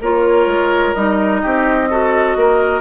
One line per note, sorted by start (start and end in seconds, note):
0.00 0.46 A#3
0.00 0.95 F4
0.00 1.41 A#4
0.00 0.93 C#5
0.46 0.93 G#3
0.93 1.42 G3
0.93 1.89 D#4
0.93 2.81 D#5
1.42 2.36 C4
1.42 1.88 G4
1.90 2.81 F#4
1.90 2.37 A4
2.36 2.81 A#3
2.36 2.81 A#4